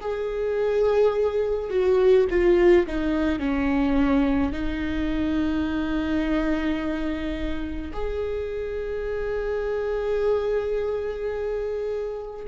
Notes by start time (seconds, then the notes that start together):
0.00 G#4
1.70 F#4
2.30 F4
2.87 D#4
3.39 C#4
4.52 D#4
7.93 G#4